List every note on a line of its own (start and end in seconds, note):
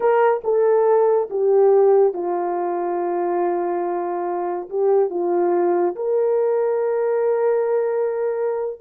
0.00 0.42 A#4
0.44 1.29 A4
1.30 2.13 G4
2.13 4.69 F4
4.69 5.09 G4
5.09 5.95 F4
5.95 8.80 A#4